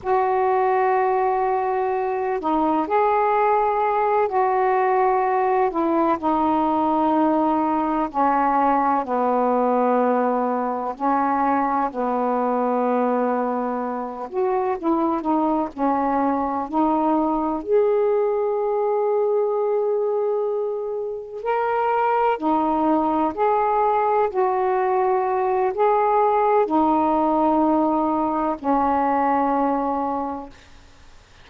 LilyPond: \new Staff \with { instrumentName = "saxophone" } { \time 4/4 \tempo 4 = 63 fis'2~ fis'8 dis'8 gis'4~ | gis'8 fis'4. e'8 dis'4.~ | dis'8 cis'4 b2 cis'8~ | cis'8 b2~ b8 fis'8 e'8 |
dis'8 cis'4 dis'4 gis'4.~ | gis'2~ gis'8 ais'4 dis'8~ | dis'8 gis'4 fis'4. gis'4 | dis'2 cis'2 | }